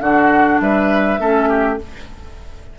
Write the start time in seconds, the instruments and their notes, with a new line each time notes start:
0.00 bassoon D3, clarinet D4, oboe F#4, flute F#5
0.60 bassoon G3, oboe B4, flute E5
1.19 bassoon A3, clarinet C#4, oboe A4
1.48 oboe G4